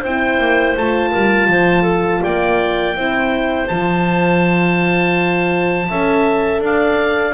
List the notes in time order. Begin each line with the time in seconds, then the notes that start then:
0.00 C4 E4 C5 G5
0.39 A#3
0.77 A3 F4 A5
1.11 G3 A#4
1.48 F3 C5
1.82 A4
2.23 A#3 D5 G5
2.95 C4 E4 C5
3.68 F3 F4 A5
5.89 C#4 A4 E5
6.59 D4 D5
6.65 F5